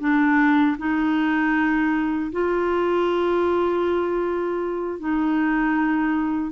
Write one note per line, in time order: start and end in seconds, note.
0.00 0.77 D4
0.78 2.32 D#4
2.32 5.00 F4
5.00 6.52 D#4